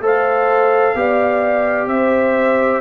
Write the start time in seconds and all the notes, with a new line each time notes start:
0.00 A3 A4 C5
0.06 F5
0.95 B3 G4 D5
1.86 C4 C5 E5